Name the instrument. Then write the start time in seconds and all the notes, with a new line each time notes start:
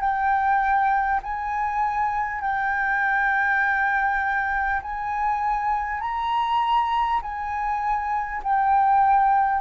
flute
0.00 G5
1.23 G#5
2.41 G5
4.82 G#5
6.01 A#5
7.22 G#5
8.43 G5